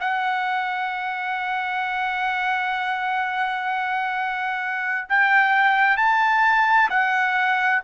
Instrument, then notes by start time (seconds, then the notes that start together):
trumpet
0.00 F#5
5.09 G5
5.97 A5
6.89 F#5